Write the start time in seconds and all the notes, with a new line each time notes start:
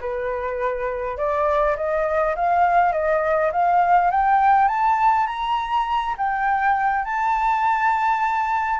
0.00 B4
1.17 D5
1.76 D#5
2.36 F5
2.92 D#5
3.52 F5
4.10 G5
4.68 A5
5.26 A#5
6.17 G5
7.05 A5